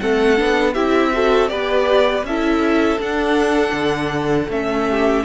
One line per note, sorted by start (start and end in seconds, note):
0.00 0.40 A3
0.00 0.37 C4
0.00 0.74 A4
0.00 0.74 F#5
0.37 0.76 B3
0.37 0.75 D4
0.74 1.51 C4
0.74 1.14 E4
0.74 1.12 G4
0.74 1.49 E5
1.14 1.49 F#4
1.14 1.52 A4
1.49 2.23 B3
1.49 2.24 G4
1.49 2.27 B4
1.49 2.24 D5
2.23 2.98 C#4
2.23 2.98 E4
2.23 4.89 A4
2.23 3.01 E5
2.98 4.48 D4
2.98 3.73 D4
2.98 4.51 F#5
3.73 4.48 D3
4.49 5.24 A3
4.49 5.26 C#4
4.49 5.26 E5
4.89 5.26 G4